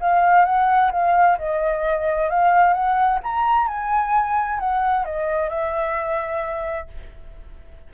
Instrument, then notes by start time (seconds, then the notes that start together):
flute
0.00 F5
0.45 F#5
0.91 F5
1.38 D#5
2.30 F5
2.73 F#5
3.23 A#5
3.67 G#5
4.59 F#5
5.05 D#5
5.49 E5